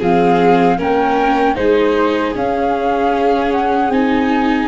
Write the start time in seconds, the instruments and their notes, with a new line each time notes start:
0.00 tuba F3, viola C4, violin G#4, flute F5
0.78 tuba A#3, viola C#4, violin A#4, flute G5
1.56 tuba G#3, viola D#4, violin G#4, flute C5
2.36 tuba C#4, viola C#4, flute F5
3.52 flute F#5
3.90 tuba C4, viola D#4, flute G#5